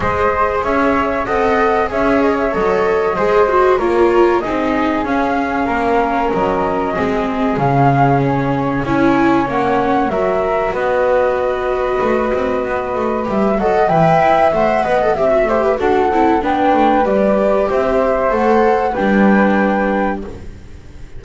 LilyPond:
<<
  \new Staff \with { instrumentName = "flute" } { \time 4/4 \tempo 4 = 95 dis''4 e''4 fis''4 e''8 dis''16 e''16 | dis''2 cis''4 dis''4 | f''2 dis''2 | f''4 cis''4 gis''4 fis''4 |
e''4 dis''2.~ | dis''4 e''8 fis''8 g''4 fis''4 | e''4 fis''4 g''4 d''4 | e''4 fis''4 g''2 | }
  \new Staff \with { instrumentName = "flute" } { \time 4/4 c''4 cis''4 dis''4 cis''4~ | cis''4 c''4 ais'4 gis'4~ | gis'4 ais'2 gis'4~ | gis'2 cis''2 |
ais'4 b'2.~ | b'4. dis''8 e''4. dis''8 | e''8 c''16 b'16 a'4 b'2 | c''2 b'2 | }
  \new Staff \with { instrumentName = "viola" } { \time 4/4 gis'2 a'4 gis'4 | a'4 gis'8 fis'8 f'4 dis'4 | cis'2. c'4 | cis'2 e'4 cis'4 |
fis'1~ | fis'4 g'8 a'8 b'4 c''8 b'16 a'16 | g'16 fis'16 g'8 fis'8 e'8 d'4 g'4~ | g'4 a'4 d'2 | }
  \new Staff \with { instrumentName = "double bass" } { \time 4/4 gis4 cis'4 c'4 cis'4 | fis4 gis4 ais4 c'4 | cis'4 ais4 fis4 gis4 | cis2 cis'4 ais4 |
fis4 b2 a8 c'8 | b8 a8 g8 fis8 e8 e'8 a8 b8 | c'8 a8 d'8 c'8 b8 a8 g4 | c'4 a4 g2 | }
>>